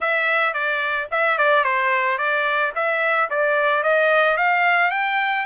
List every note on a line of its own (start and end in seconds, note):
0.00 0.53 E5
0.53 1.08 D5
1.11 1.38 E5
1.38 1.64 D5
1.64 2.18 C5
2.18 2.72 D5
2.75 3.29 E5
3.30 3.83 D5
3.83 4.37 D#5
4.37 4.91 F5
4.91 5.45 G5